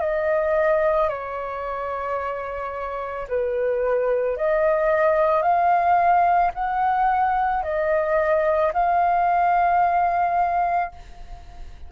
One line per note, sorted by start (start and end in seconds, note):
0.00 1.09 D#5
1.09 3.27 C#5
3.28 4.37 B4
4.37 5.42 D#5
5.42 6.51 F5
6.54 7.63 F#5
7.63 8.72 D#5
8.73 10.91 F5